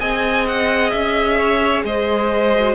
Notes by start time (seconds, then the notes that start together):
0.00 C4 G#4 D#5 G#5
0.48 F#5
0.90 C#4 E5
1.37 C#5
1.84 G#3 C5 D#5
2.55 F#4